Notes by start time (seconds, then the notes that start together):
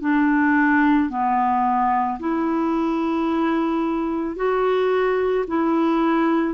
0.00 D4
1.09 B3
2.19 E4
4.36 F#4
5.47 E4